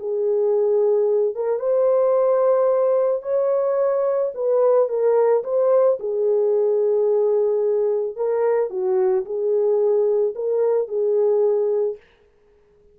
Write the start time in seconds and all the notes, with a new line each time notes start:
0.00 G#4
1.35 A#4
1.59 C5
3.23 C#5
4.35 B4
4.89 A#4
5.44 C5
6.00 G#4
8.16 A#4
8.70 F#4
9.26 G#4
10.36 A#4
10.88 G#4